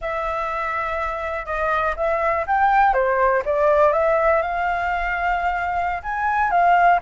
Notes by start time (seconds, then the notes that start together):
0.01 E5
1.45 D#5
1.96 E5
2.46 G5
2.93 C5
3.45 D5
3.93 E5
4.42 F5
6.02 G#5
6.50 F5